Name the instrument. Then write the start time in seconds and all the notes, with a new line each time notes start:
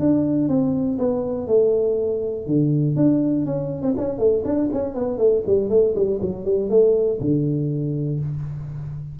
tuba
0.00 D4
0.49 C4
0.99 B3
1.47 A3
2.47 D3
2.96 D4
3.46 C#4
3.82 C4
3.97 C#4
4.19 A3
4.45 D4
4.73 C#4
4.95 B3
5.18 A3
5.47 G3
5.70 A3
5.95 G3
6.22 F#3
6.45 G3
6.70 A3
7.21 D3